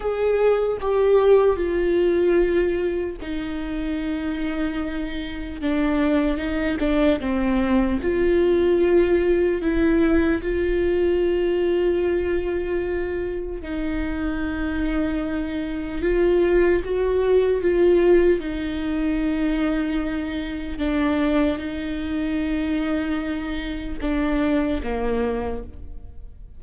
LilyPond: \new Staff \with { instrumentName = "viola" } { \time 4/4 \tempo 4 = 75 gis'4 g'4 f'2 | dis'2. d'4 | dis'8 d'8 c'4 f'2 | e'4 f'2.~ |
f'4 dis'2. | f'4 fis'4 f'4 dis'4~ | dis'2 d'4 dis'4~ | dis'2 d'4 ais4 | }